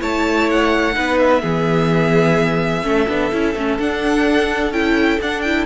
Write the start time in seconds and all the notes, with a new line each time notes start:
0.00 A3 E4 C#5 A5
0.51 F#5
0.94 B3 D#4 B4
1.19 E5
1.42 E3 B3 G#4
2.84 A3 C#4 A4
3.09 B3 D4
3.32 C#4 E4
3.55 A3 C#4
3.79 D4 F#5
4.71 C#4 E4 G5
5.21 D4 F#5
5.42 E4 G5